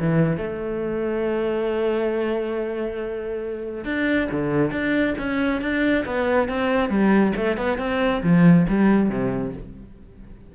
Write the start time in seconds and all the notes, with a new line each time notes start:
0.00 E3
0.37 A3
3.85 D4
4.31 D3
4.71 D4
5.18 C#4
5.61 D4
6.05 B3
6.49 C4
6.89 G3
7.36 A3
7.57 B3
7.78 C4
8.23 F3
8.68 G3
9.10 C3